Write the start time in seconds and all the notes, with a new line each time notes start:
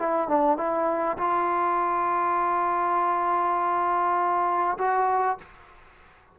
0.00 E4
0.29 D4
0.58 E4
1.18 F4
4.79 F#4